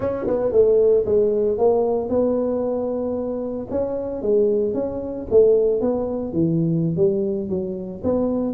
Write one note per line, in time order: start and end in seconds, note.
0.00 0.26 C#4
0.27 0.52 B3
0.52 1.04 A3
1.05 1.57 G#3
1.57 2.09 A#3
2.09 3.67 B3
3.70 4.22 C#4
4.22 4.74 G#3
4.74 5.26 C#4
5.30 5.80 A3
5.80 6.33 B3
6.33 6.96 E3
6.96 7.49 G3
7.49 8.01 F#3
8.03 8.53 B3